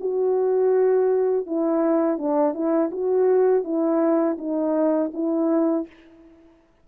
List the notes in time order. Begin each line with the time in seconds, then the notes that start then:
0.00 F#4
1.46 E4
2.18 D4
2.54 E4
2.91 F#4
3.64 E4
4.38 D#4
5.14 E4